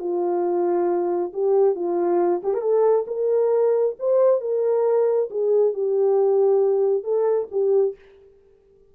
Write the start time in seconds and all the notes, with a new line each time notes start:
0.00 F4
1.34 G4
1.76 F4
2.43 G4
2.54 A#4
2.61 A4
3.08 A#4
4.00 C5
4.41 A#4
5.31 G#4
5.74 G4
7.04 A4
7.52 G4